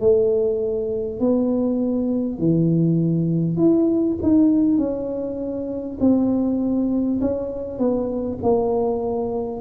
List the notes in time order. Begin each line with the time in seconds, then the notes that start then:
0.00 A3
1.19 B3
2.38 E3
3.57 E4
4.22 D#4
4.78 C#4
6.00 C4
7.21 C#4
7.78 B3
8.42 A#3